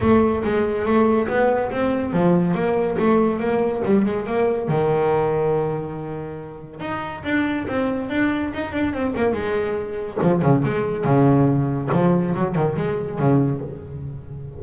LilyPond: \new Staff \with { instrumentName = "double bass" } { \time 4/4 \tempo 4 = 141 a4 gis4 a4 b4 | c'4 f4 ais4 a4 | ais4 g8 gis8 ais4 dis4~ | dis1 |
dis'4 d'4 c'4 d'4 | dis'8 d'8 c'8 ais8 gis2 | f8 cis8 gis4 cis2 | f4 fis8 dis8 gis4 cis4 | }